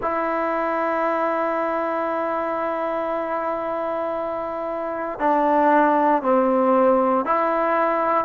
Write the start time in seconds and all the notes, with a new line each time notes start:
0.02 E4
5.19 D4
6.22 C4
7.25 E4